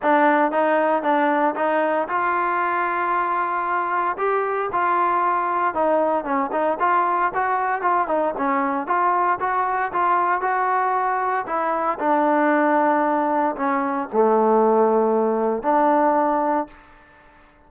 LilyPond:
\new Staff \with { instrumentName = "trombone" } { \time 4/4 \tempo 4 = 115 d'4 dis'4 d'4 dis'4 | f'1 | g'4 f'2 dis'4 | cis'8 dis'8 f'4 fis'4 f'8 dis'8 |
cis'4 f'4 fis'4 f'4 | fis'2 e'4 d'4~ | d'2 cis'4 a4~ | a2 d'2 | }